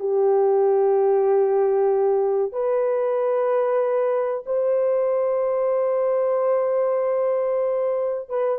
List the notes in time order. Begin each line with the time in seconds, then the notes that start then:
0.00 G4
2.53 B4
4.47 C5
8.29 B4